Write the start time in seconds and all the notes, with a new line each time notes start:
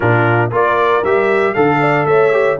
0.00 A#2 D4 F4 A#4
0.51 A#3 F4 A#4 D5
1.03 G3 G4 E5
1.54 D3 A4 F5
1.80 D5
2.05 A3 C#5 E5
2.31 G4